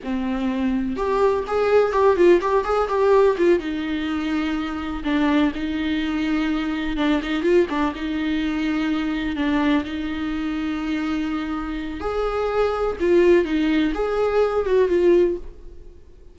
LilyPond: \new Staff \with { instrumentName = "viola" } { \time 4/4 \tempo 4 = 125 c'2 g'4 gis'4 | g'8 f'8 g'8 gis'8 g'4 f'8 dis'8~ | dis'2~ dis'8 d'4 dis'8~ | dis'2~ dis'8 d'8 dis'8 f'8 |
d'8 dis'2. d'8~ | d'8 dis'2.~ dis'8~ | dis'4 gis'2 f'4 | dis'4 gis'4. fis'8 f'4 | }